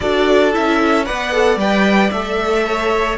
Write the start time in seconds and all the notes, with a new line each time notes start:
0.00 D4 F#4 A4 D5
0.52 C#4 E4 E5
1.05 B3 B4 D5 F#5
1.31 A4
1.56 G3 B4 G5
2.10 A3 A4 E5
2.66 C#5